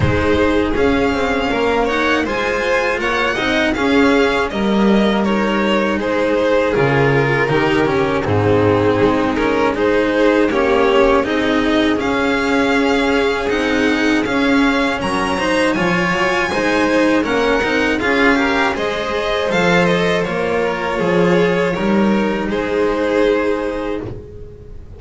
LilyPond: <<
  \new Staff \with { instrumentName = "violin" } { \time 4/4 \tempo 4 = 80 c''4 f''4. fis''8 gis''4 | fis''4 f''4 dis''4 cis''4 | c''4 ais'2 gis'4~ | gis'8 ais'8 c''4 cis''4 dis''4 |
f''2 fis''4 f''4 | ais''4 gis''2 fis''4 | f''4 dis''4 f''8 dis''8 cis''4~ | cis''2 c''2 | }
  \new Staff \with { instrumentName = "violin" } { \time 4/4 gis'2 ais'8 cis''8 c''4 | cis''8 dis''8 gis'4 ais'2 | gis'2 g'4 dis'4~ | dis'4 gis'4 g'4 gis'4~ |
gis'1 | ais'8 c''8 cis''4 c''4 ais'4 | gis'8 ais'8 c''2~ c''8 ais'8 | gis'4 ais'4 gis'2 | }
  \new Staff \with { instrumentName = "cello" } { \time 4/4 dis'4 cis'4. dis'8 f'4~ | f'8 dis'8 cis'4 ais4 dis'4~ | dis'4 f'4 dis'8 cis'8 c'4~ | c'8 cis'8 dis'4 cis'4 dis'4 |
cis'2 dis'4 cis'4~ | cis'8 dis'8 f'4 dis'4 cis'8 dis'8 | f'8 g'8 gis'4 a'4 f'4~ | f'4 dis'2. | }
  \new Staff \with { instrumentName = "double bass" } { \time 4/4 gis4 cis'8 c'8 ais4 gis4 | ais8 c'8 cis'4 g2 | gis4 cis4 dis4 gis,4 | gis2 ais4 c'4 |
cis'2 c'4 cis'4 | fis4 f8 fis8 gis4 ais8 c'8 | cis'4 gis4 f4 ais4 | f4 g4 gis2 | }
>>